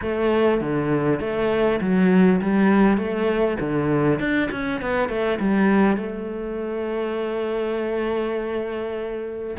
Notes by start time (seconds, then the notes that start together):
0.01 A3
0.60 D3
1.20 A3
1.80 F#3
2.41 G3
2.97 A3
3.59 D3
4.19 D4
4.51 C#4
4.81 B3
5.08 A3
5.39 G3
5.96 A3